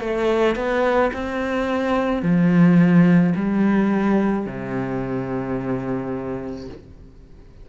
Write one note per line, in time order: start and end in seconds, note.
0.00 0.56 A3
0.56 1.11 B3
1.13 2.22 C4
2.22 3.33 F3
3.35 4.46 G3
4.46 6.68 C3